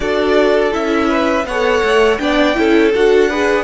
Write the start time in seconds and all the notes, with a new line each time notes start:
0.00 D4 F#4 A4 D5
0.71 C#4 E4 E5
1.08 B4
1.45 B3 A4 C#5 F#5
1.83 A3
2.18 B3 D4 D5 G5
2.54 C#4 E4 A4
2.94 D4 F#4 F#5
3.29 G#4 B4